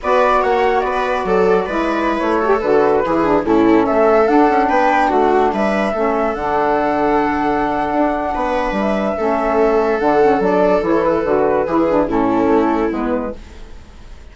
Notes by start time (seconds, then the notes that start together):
0.02 B3 F#4 B4 D5
0.41 A#3 C#5 F#5
0.80 B3 B4 D5
1.24 F#3 A4
1.65 G#3 E4 B4
2.18 A3 C#5
2.38 F#4 A4
2.46 G4
2.60 D3 F#4 B4
3.03 E3 E4 G#4
3.23 D4
3.43 A2 C#4 E4 A4
3.86 A3 A4 E5
4.25 D4 F#5
4.49 C#4
4.68 B3 B4 G5
5.08 A3 F#4 F#5
5.52 G3 B4 E5
5.92 A3 C#4 A4
6.34 D3 D4 F#5
7.92 D4
8.34 B3 B4
8.71 G3
8.79 E5
9.17 A3 C#4 A4
9.99 D3 D4 F#5
10.21 C#4
10.39 F#3 D4 D5
10.82 E3 E4 C#5
11.03 B4
11.24 D3 F#4
11.66 E3 E4 G#4
11.88 D4
12.07 A2 C#4 E4 A4
12.47 A3
12.90 G#3 B3 B4